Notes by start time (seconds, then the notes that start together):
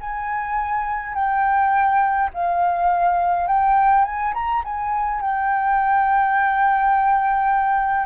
0.00 G#5
1.14 G5
2.34 F5
3.47 G5
4.04 G#5
4.34 A#5
4.64 G#5
5.21 G5